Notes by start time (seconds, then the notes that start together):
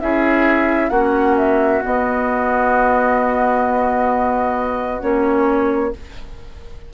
0.00 C#4 E4 G#4 E5
0.89 A#3 C#4 F#4 F#5
1.37 E5
1.82 B3 D#5
5.00 A#3 C#4 C#5